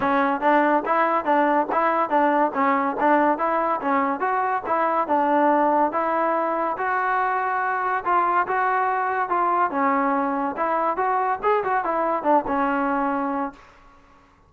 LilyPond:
\new Staff \with { instrumentName = "trombone" } { \time 4/4 \tempo 4 = 142 cis'4 d'4 e'4 d'4 | e'4 d'4 cis'4 d'4 | e'4 cis'4 fis'4 e'4 | d'2 e'2 |
fis'2. f'4 | fis'2 f'4 cis'4~ | cis'4 e'4 fis'4 gis'8 fis'8 | e'4 d'8 cis'2~ cis'8 | }